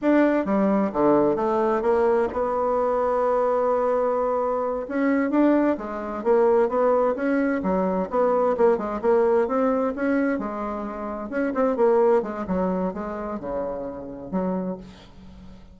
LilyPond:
\new Staff \with { instrumentName = "bassoon" } { \time 4/4 \tempo 4 = 130 d'4 g4 d4 a4 | ais4 b2.~ | b2~ b8 cis'4 d'8~ | d'8 gis4 ais4 b4 cis'8~ |
cis'8 fis4 b4 ais8 gis8 ais8~ | ais8 c'4 cis'4 gis4.~ | gis8 cis'8 c'8 ais4 gis8 fis4 | gis4 cis2 fis4 | }